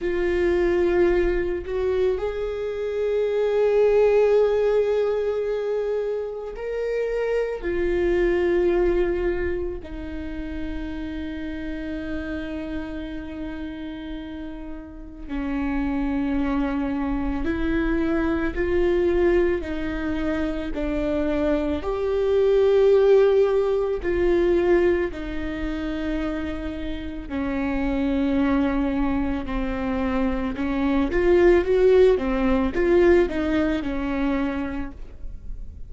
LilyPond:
\new Staff \with { instrumentName = "viola" } { \time 4/4 \tempo 4 = 55 f'4. fis'8 gis'2~ | gis'2 ais'4 f'4~ | f'4 dis'2.~ | dis'2 cis'2 |
e'4 f'4 dis'4 d'4 | g'2 f'4 dis'4~ | dis'4 cis'2 c'4 | cis'8 f'8 fis'8 c'8 f'8 dis'8 cis'4 | }